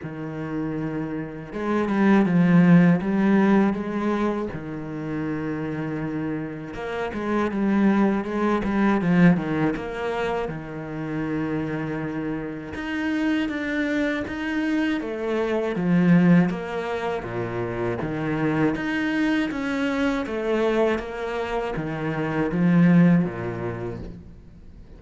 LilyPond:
\new Staff \with { instrumentName = "cello" } { \time 4/4 \tempo 4 = 80 dis2 gis8 g8 f4 | g4 gis4 dis2~ | dis4 ais8 gis8 g4 gis8 g8 | f8 dis8 ais4 dis2~ |
dis4 dis'4 d'4 dis'4 | a4 f4 ais4 ais,4 | dis4 dis'4 cis'4 a4 | ais4 dis4 f4 ais,4 | }